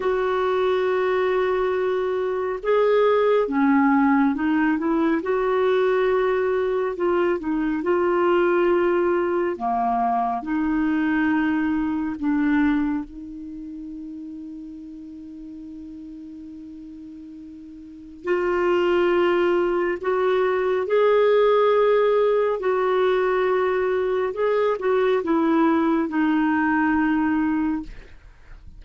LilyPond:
\new Staff \with { instrumentName = "clarinet" } { \time 4/4 \tempo 4 = 69 fis'2. gis'4 | cis'4 dis'8 e'8 fis'2 | f'8 dis'8 f'2 ais4 | dis'2 d'4 dis'4~ |
dis'1~ | dis'4 f'2 fis'4 | gis'2 fis'2 | gis'8 fis'8 e'4 dis'2 | }